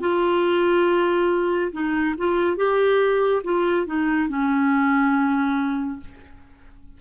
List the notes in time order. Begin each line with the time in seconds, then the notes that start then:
0.00 F4
1.72 D#4
2.18 F4
2.56 G4
3.43 F4
3.86 D#4
4.28 C#4